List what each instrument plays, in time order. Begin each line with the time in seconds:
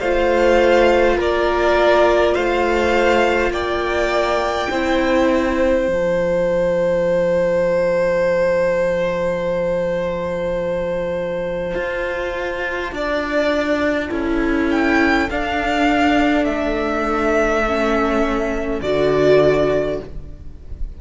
0.00 cello A3, viola F4, violin C5 F5
1.17 cello A#3, violin A#4 D5
2.35 cello A3, violin C5 F5
3.50 cello A#3, violin D5 G5
4.70 cello C4, viola E4, violin C5
5.88 cello F3, viola F4, violin A5
11.75 cello F4
12.92 cello D4, violin D5
14.11 cello C#4, viola E4, violin A4
14.71 violin G5
15.30 cello D4, viola D4, violin F5
16.45 cello A3, violin E5
17.67 viola C#4
18.82 cello D3, viola F#4, violin D5